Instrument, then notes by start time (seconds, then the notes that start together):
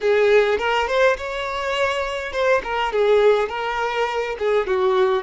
violin
0.01 G#4
0.58 A#4
0.87 C5
1.17 C#5
2.32 C5
2.63 A#4
2.92 G#4
3.48 A#4
4.38 G#4
4.66 F#4